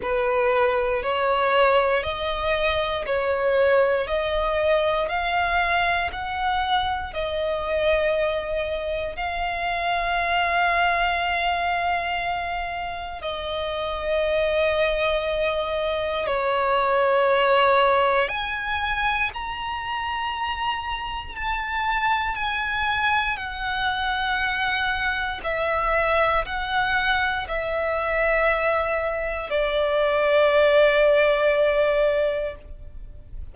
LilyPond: \new Staff \with { instrumentName = "violin" } { \time 4/4 \tempo 4 = 59 b'4 cis''4 dis''4 cis''4 | dis''4 f''4 fis''4 dis''4~ | dis''4 f''2.~ | f''4 dis''2. |
cis''2 gis''4 ais''4~ | ais''4 a''4 gis''4 fis''4~ | fis''4 e''4 fis''4 e''4~ | e''4 d''2. | }